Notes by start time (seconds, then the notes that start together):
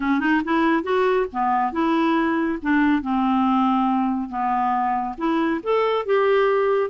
0.00 C#4
0.19 D#4
0.44 E4
0.83 F#4
1.32 B3
1.72 E4
2.62 D4
3.02 C4
4.29 B3
5.17 E4
5.63 A4
6.05 G4